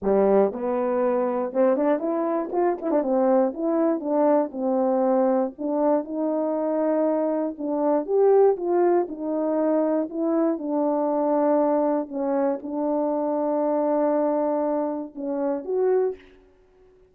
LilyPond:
\new Staff \with { instrumentName = "horn" } { \time 4/4 \tempo 4 = 119 g4 b2 c'8 d'8 | e'4 f'8 e'16 d'16 c'4 e'4 | d'4 c'2 d'4 | dis'2. d'4 |
g'4 f'4 dis'2 | e'4 d'2. | cis'4 d'2.~ | d'2 cis'4 fis'4 | }